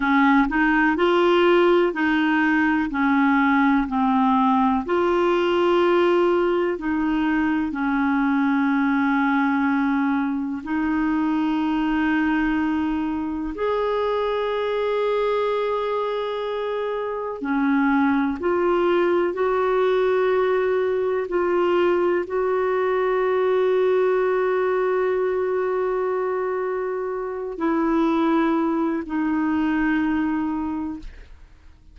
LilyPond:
\new Staff \with { instrumentName = "clarinet" } { \time 4/4 \tempo 4 = 62 cis'8 dis'8 f'4 dis'4 cis'4 | c'4 f'2 dis'4 | cis'2. dis'4~ | dis'2 gis'2~ |
gis'2 cis'4 f'4 | fis'2 f'4 fis'4~ | fis'1~ | fis'8 e'4. dis'2 | }